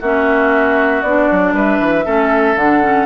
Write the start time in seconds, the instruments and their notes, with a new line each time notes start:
0.00 bassoon A#3, clarinet C#4, oboe F#4, flute E5
1.02 bassoon B3, clarinet D4, flute D5
1.32 bassoon F#3
1.53 bassoon G3, oboe B4, flute E5
1.80 bassoon E3
2.05 bassoon A3, clarinet C#4, oboe A4
2.56 bassoon D3, clarinet D4, flute F#5
2.82 clarinet C#4